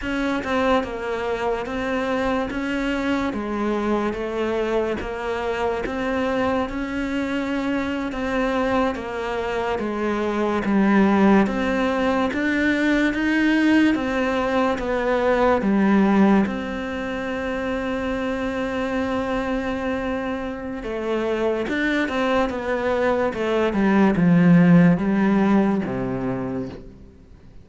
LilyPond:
\new Staff \with { instrumentName = "cello" } { \time 4/4 \tempo 4 = 72 cis'8 c'8 ais4 c'4 cis'4 | gis4 a4 ais4 c'4 | cis'4.~ cis'16 c'4 ais4 gis16~ | gis8. g4 c'4 d'4 dis'16~ |
dis'8. c'4 b4 g4 c'16~ | c'1~ | c'4 a4 d'8 c'8 b4 | a8 g8 f4 g4 c4 | }